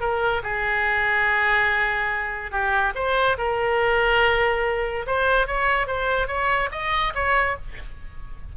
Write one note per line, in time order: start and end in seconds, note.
0.00 0.42 A#4
0.43 2.51 G#4
2.51 2.93 G4
2.95 3.37 C5
3.38 5.05 A#4
5.07 5.47 C5
5.47 5.87 C#5
5.87 6.27 C5
6.27 6.69 C#5
6.71 7.13 D#5
7.15 7.57 C#5